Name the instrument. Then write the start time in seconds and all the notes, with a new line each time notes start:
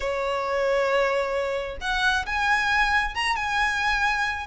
violin
0.00 C#5
1.80 F#5
2.26 G#5
3.14 A#5
3.36 G#5